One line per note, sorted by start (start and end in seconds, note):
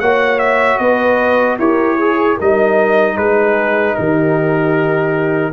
0.00 0.79 A#3
0.00 1.60 F#4
0.00 0.79 C#5
0.00 0.39 F#5
0.39 0.78 E5
0.78 1.58 B3
0.78 1.58 B4
0.78 1.57 D#5
1.59 2.38 E4
1.59 1.99 G4
1.59 1.96 A#4
1.59 2.38 C#5
1.96 2.35 G#4
1.96 2.40 G#4
2.36 3.17 G3
2.36 5.53 D#4
2.36 3.15 A#4
2.36 3.17 D#5
3.17 3.96 G#3
3.17 3.97 G#4
3.17 3.95 B4
3.95 5.53 D#3
3.95 5.53 G4
3.95 5.53 A#4